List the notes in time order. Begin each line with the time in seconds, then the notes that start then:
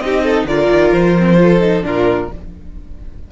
0.00 C4 D#4 G4 D#5
0.23 A4
0.44 D3 F4 A#4 D5
0.69 D#3
0.92 F3 C5
1.18 C4
1.37 F4 A4
1.59 D#4
1.82 A#2 D4 F4 A#4